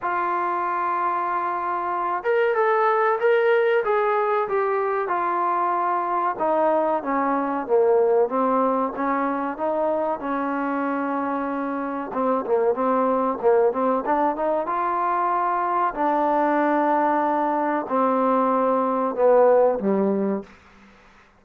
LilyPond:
\new Staff \with { instrumentName = "trombone" } { \time 4/4 \tempo 4 = 94 f'2.~ f'8 ais'8 | a'4 ais'4 gis'4 g'4 | f'2 dis'4 cis'4 | ais4 c'4 cis'4 dis'4 |
cis'2. c'8 ais8 | c'4 ais8 c'8 d'8 dis'8 f'4~ | f'4 d'2. | c'2 b4 g4 | }